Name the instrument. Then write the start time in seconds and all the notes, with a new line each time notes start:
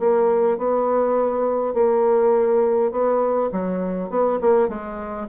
bassoon
0.00 A#3
0.58 B3
1.74 A#3
2.92 B3
3.52 F#3
4.10 B3
4.41 A#3
4.69 G#3